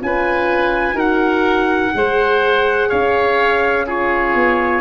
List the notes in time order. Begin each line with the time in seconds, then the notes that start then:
0.00 C#4 F4 B4 G#5
0.92 D#4 F#4 A#4
0.99 F#5
1.94 G#3 G#4 C5
2.89 C#4 C#5 F5
3.86 F4 G#4 C#5
4.34 B3